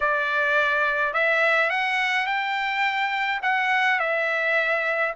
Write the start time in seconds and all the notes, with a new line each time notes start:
0.00 D5
1.13 E5
1.70 F#5
2.26 G5
3.42 F#5
3.99 E5